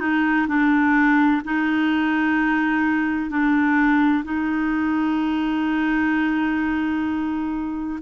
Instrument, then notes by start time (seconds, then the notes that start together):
clarinet
0.00 D#4
0.48 D4
1.44 D#4
3.30 D4
4.24 D#4